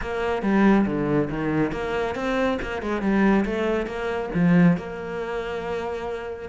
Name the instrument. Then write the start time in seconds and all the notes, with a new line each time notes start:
cello
0.01 A#3
0.42 G3
0.86 D3
1.30 D#3
1.72 A#3
2.15 C4
2.62 A#3
2.82 G#3
3.01 G3
3.45 A3
3.86 A#3
4.34 F3
4.77 A#3